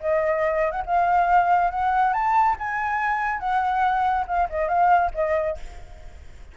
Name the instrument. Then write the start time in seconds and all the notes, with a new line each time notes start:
flute
0.00 D#5
0.71 F#5
0.86 F5
1.71 F#5
2.13 A5
2.59 G#5
3.39 F#5
4.27 F5
4.50 D#5
4.68 F5
5.14 D#5